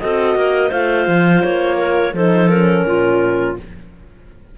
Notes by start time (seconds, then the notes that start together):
0.00 C4 F#4 A4 D#5
0.35 A#3 A#4
0.69 A3 F4 C5 F5
1.07 F3
1.43 A#3 C#5
1.77 A#4
2.13 F3 D#4 A4 C5
2.49 C#4 A#4
2.86 A#2 F4